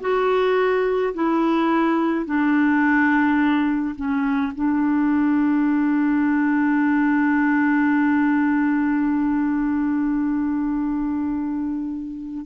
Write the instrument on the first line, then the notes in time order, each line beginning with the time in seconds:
clarinet
0.00 F#4
1.13 E4
2.25 D4
3.95 C#4
4.55 D4